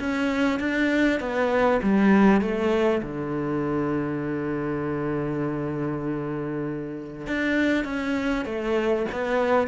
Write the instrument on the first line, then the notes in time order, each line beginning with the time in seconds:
cello
0.00 C#4
0.60 D4
1.20 B3
1.83 G3
2.42 A3
3.03 D3
7.27 D4
7.85 C#4
8.46 A3
9.12 B3